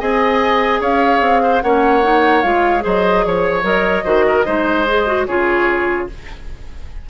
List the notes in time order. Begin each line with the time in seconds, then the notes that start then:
0.00 C4 G#4 D#5 G#5
0.81 C#4 C#5 F5
1.21 C4
1.43 C5
1.62 A#3 C#4 C#5 F#5
2.03 D#4
2.42 G#3 F4 F5
2.81 F#3 G#4 C5
2.87 D#5
3.26 F3 C#5
3.63 F#3 A#4 D#5
4.05 D#3 F#4 C5
4.28 A#4
4.45 G#3 D#4 C5
4.88 G#4
5.07 F#4
5.26 C#3 F4 G#4 C#5